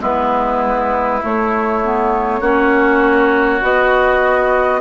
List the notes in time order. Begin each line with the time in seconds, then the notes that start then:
0.00 G#3 B3 E4 B4
1.22 A3 C#5
1.84 B3
2.40 A#3 C#4 F#4
3.60 B3 F#4 D#5